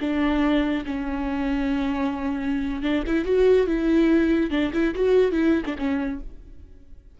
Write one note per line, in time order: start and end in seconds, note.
0.00 0.84 D4
0.86 2.82 C#4
2.82 3.03 D4
3.07 3.25 E4
3.25 3.67 F#4
3.67 4.50 E4
4.50 4.71 D4
4.73 4.94 E4
4.95 5.32 F#4
5.32 5.63 E4
5.65 5.76 D4
5.78 6.20 C#4